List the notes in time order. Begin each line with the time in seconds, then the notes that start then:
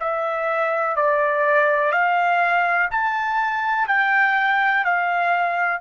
0.00 E5
0.96 D5
1.92 F5
2.90 A5
3.87 G5
4.84 F5